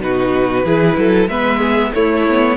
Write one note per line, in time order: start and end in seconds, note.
0.00 0.64 B2
0.00 0.65 D#4
0.00 0.65 F#4
0.00 1.28 B4
0.64 0.97 E3
0.64 1.30 E4
0.64 0.97 G#4
0.97 1.27 F#3
0.97 1.30 A4
1.27 1.92 G#3
1.27 1.94 B3
1.27 1.59 B4
1.27 1.93 E5
1.59 1.91 G#4
1.94 2.27 A3
1.94 2.57 A3
1.94 2.57 E4
1.94 2.57 C#5
2.29 2.57 B3